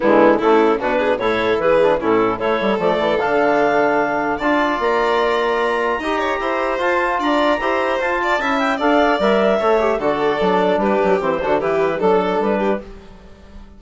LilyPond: <<
  \new Staff \with { instrumentName = "clarinet" } { \time 4/4 \tempo 4 = 150 e'4 a'4 b'4 cis''4 | b'4 a'4 cis''4 d''4 | f''2. a''4 | ais''1~ |
ais''4 a''4 ais''2 | a''4. g''8 f''4 e''4~ | e''4 d''2 b'4 | c''4 b'4 a'4 b'4 | }
  \new Staff \with { instrumentName = "violin" } { \time 4/4 b4 e'4 fis'8 gis'8 a'4 | gis'4 e'4 a'2~ | a'2. d''4~ | d''2. dis''8 cis''8 |
c''2 d''4 c''4~ | c''8 d''8 e''4 d''2 | cis''4 a'2 g'4~ | g'8 fis'8 g'4 a'4. g'8 | }
  \new Staff \with { instrumentName = "trombone" } { \time 4/4 gis4 a4 d'4 e'4~ | e'8 d'8 cis'4 e'4 a4 | d'2. f'4~ | f'2. g'4~ |
g'4 f'2 g'4 | f'4 e'4 a'4 ais'4 | a'8 g'8 fis'4 d'2 | c'8 d'8 e'4 d'2 | }
  \new Staff \with { instrumentName = "bassoon" } { \time 4/4 d4 cis4 b,4 a,4 | e4 a,4 a8 g8 f8 e8 | d2. d'4 | ais2. dis'4 |
e'4 f'4 d'4 e'4 | f'4 cis'4 d'4 g4 | a4 d4 fis4 g8 fis8 | e8 d8 e4 fis4 g4 | }
>>